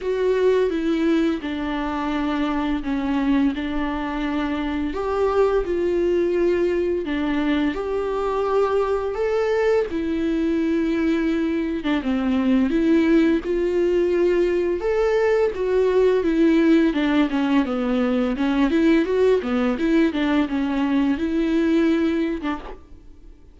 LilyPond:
\new Staff \with { instrumentName = "viola" } { \time 4/4 \tempo 4 = 85 fis'4 e'4 d'2 | cis'4 d'2 g'4 | f'2 d'4 g'4~ | g'4 a'4 e'2~ |
e'8. d'16 c'4 e'4 f'4~ | f'4 a'4 fis'4 e'4 | d'8 cis'8 b4 cis'8 e'8 fis'8 b8 | e'8 d'8 cis'4 e'4.~ e'16 d'16 | }